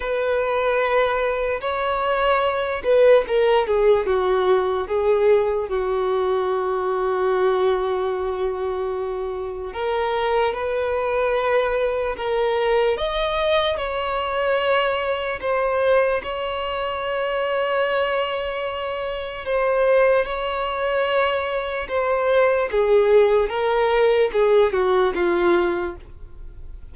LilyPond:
\new Staff \with { instrumentName = "violin" } { \time 4/4 \tempo 4 = 74 b'2 cis''4. b'8 | ais'8 gis'8 fis'4 gis'4 fis'4~ | fis'1 | ais'4 b'2 ais'4 |
dis''4 cis''2 c''4 | cis''1 | c''4 cis''2 c''4 | gis'4 ais'4 gis'8 fis'8 f'4 | }